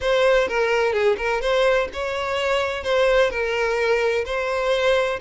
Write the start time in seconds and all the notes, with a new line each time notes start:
0.00 C5
0.48 A#4
0.93 G#4
1.17 A#4
1.41 C5
1.93 C#5
2.83 C5
3.30 A#4
4.25 C5